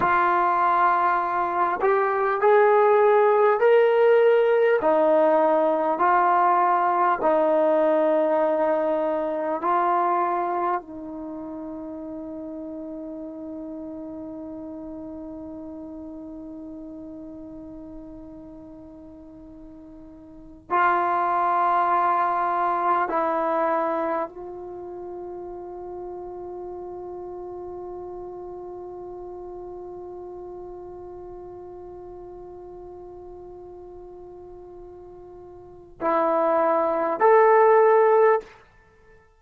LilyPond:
\new Staff \with { instrumentName = "trombone" } { \time 4/4 \tempo 4 = 50 f'4. g'8 gis'4 ais'4 | dis'4 f'4 dis'2 | f'4 dis'2.~ | dis'1~ |
dis'4~ dis'16 f'2 e'8.~ | e'16 f'2.~ f'8.~ | f'1~ | f'2 e'4 a'4 | }